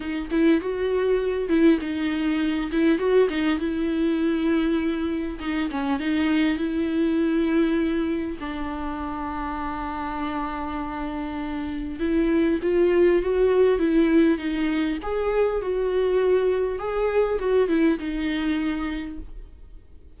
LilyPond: \new Staff \with { instrumentName = "viola" } { \time 4/4 \tempo 4 = 100 dis'8 e'8 fis'4. e'8 dis'4~ | dis'8 e'8 fis'8 dis'8 e'2~ | e'4 dis'8 cis'8 dis'4 e'4~ | e'2 d'2~ |
d'1 | e'4 f'4 fis'4 e'4 | dis'4 gis'4 fis'2 | gis'4 fis'8 e'8 dis'2 | }